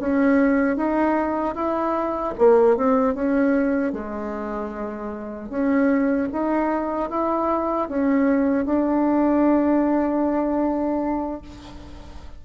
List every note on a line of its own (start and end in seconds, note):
0.00 0.76 C#4
0.76 1.55 D#4
1.55 2.34 E4
2.38 2.77 A#3
2.77 3.15 C4
3.15 3.93 C#4
3.93 5.49 G#3
5.49 6.28 C#4
6.32 7.10 D#4
7.10 7.88 E4
7.88 8.65 C#4
8.65 11.42 D4